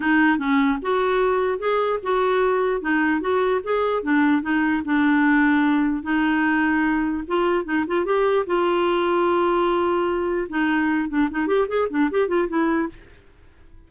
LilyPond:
\new Staff \with { instrumentName = "clarinet" } { \time 4/4 \tempo 4 = 149 dis'4 cis'4 fis'2 | gis'4 fis'2 dis'4 | fis'4 gis'4 d'4 dis'4 | d'2. dis'4~ |
dis'2 f'4 dis'8 f'8 | g'4 f'2.~ | f'2 dis'4. d'8 | dis'8 g'8 gis'8 d'8 g'8 f'8 e'4 | }